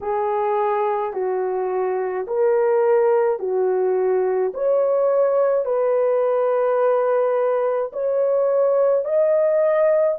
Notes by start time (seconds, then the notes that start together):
0.01 G#4
1.13 F#4
2.27 A#4
3.39 F#4
4.53 C#5
5.65 B4
7.92 C#5
9.05 D#5